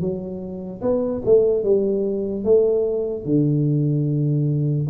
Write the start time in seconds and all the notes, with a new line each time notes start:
0.00 F#3
0.81 B3
1.25 A3
1.63 G3
2.44 A3
3.25 D3